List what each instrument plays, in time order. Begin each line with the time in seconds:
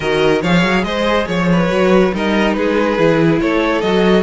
0.00 cello D#3, viola F#4, violin A#4 D#5
0.41 cello F3, viola G#4, violin C#5 F5
0.62 cello F#3
0.83 cello G#3, violin C5 D#5
1.27 cello F3, violin C#5
1.52 violin B4
1.69 cello F#3, viola F#4
2.13 cello G3, viola D#4, violin A#4 D#5
2.53 cello G#3, violin G#4 B4
2.97 cello E3, viola E4
3.40 cello A3, violin A4 C#5
3.81 cello F#3, viola F#4, violin D#5